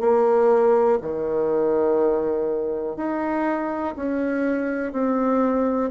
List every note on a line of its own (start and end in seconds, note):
0.00 0.98 A#3
1.01 2.96 D#3
2.96 3.95 D#4
3.96 4.92 C#4
4.92 5.91 C4